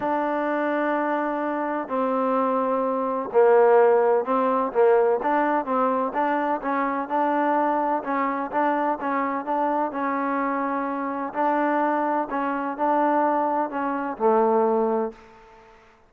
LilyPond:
\new Staff \with { instrumentName = "trombone" } { \time 4/4 \tempo 4 = 127 d'1 | c'2. ais4~ | ais4 c'4 ais4 d'4 | c'4 d'4 cis'4 d'4~ |
d'4 cis'4 d'4 cis'4 | d'4 cis'2. | d'2 cis'4 d'4~ | d'4 cis'4 a2 | }